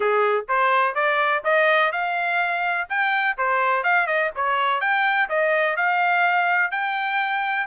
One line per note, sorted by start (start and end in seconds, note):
0.00 0.45 G#4
0.48 0.94 C5
0.94 1.42 D5
1.44 1.92 D#5
1.92 2.88 F5
2.89 3.37 G5
3.37 3.83 C5
3.83 4.06 F5
4.06 4.30 D#5
4.35 4.80 C#5
4.80 5.28 G5
5.29 5.76 D#5
5.76 6.71 F5
6.71 7.66 G5